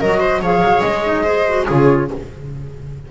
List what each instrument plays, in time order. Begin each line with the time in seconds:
0.00 double bass F#3, clarinet F#4, viola A#4, flute D#5
0.20 viola C5
0.41 double bass F3, clarinet G#4, viola C#5, flute F5
0.61 double bass F#3
0.81 double bass G#3, flute D#5
1.03 clarinet D#4
1.23 clarinet G#4, viola C5
1.48 clarinet F#4
1.66 double bass C#3, clarinet F4, viola G#4, flute C#5